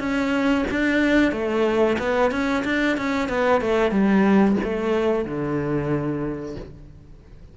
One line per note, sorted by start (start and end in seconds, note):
0.00 0.65 C#4
0.71 1.32 D4
1.32 1.97 A3
1.99 2.32 B3
2.32 2.64 C#4
2.65 2.97 D4
2.97 3.29 C#4
3.29 3.62 B3
3.62 3.92 A3
3.92 4.57 G3
4.64 5.25 A3
5.25 6.56 D3